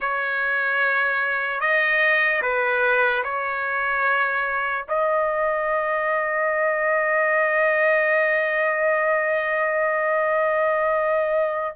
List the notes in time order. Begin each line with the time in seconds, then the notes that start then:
0.00 C#5
1.60 D#5
2.41 B4
3.23 C#5
4.88 D#5